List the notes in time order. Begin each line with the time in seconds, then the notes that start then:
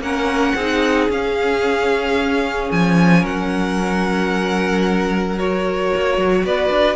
0.00 A#3 C#4 A#4 F#5
0.55 C4 D#4 G#4
1.09 C#4 F5
2.72 F3 G#5
3.21 F#3 A#4 F#5
5.39 F#4 C#5
5.97 A#3
6.18 F#3
6.45 B3 B4 D5
6.70 D4